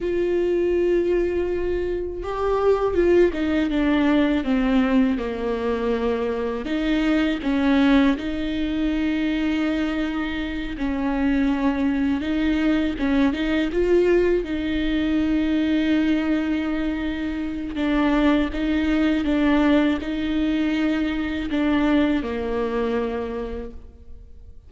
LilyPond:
\new Staff \with { instrumentName = "viola" } { \time 4/4 \tempo 4 = 81 f'2. g'4 | f'8 dis'8 d'4 c'4 ais4~ | ais4 dis'4 cis'4 dis'4~ | dis'2~ dis'8 cis'4.~ |
cis'8 dis'4 cis'8 dis'8 f'4 dis'8~ | dis'1 | d'4 dis'4 d'4 dis'4~ | dis'4 d'4 ais2 | }